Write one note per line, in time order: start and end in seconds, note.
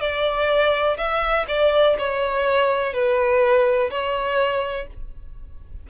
0.00 0.97 D5
0.97 1.46 E5
1.47 1.96 D5
1.98 2.93 C#5
2.93 3.90 B4
3.90 4.87 C#5